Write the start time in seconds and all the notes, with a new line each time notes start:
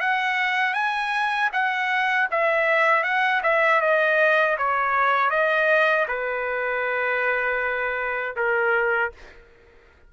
0.00 F#5
0.74 G#5
1.52 F#5
2.31 E5
3.03 F#5
3.43 E5
3.81 D#5
4.58 C#5
5.30 D#5
6.08 B4
8.36 A#4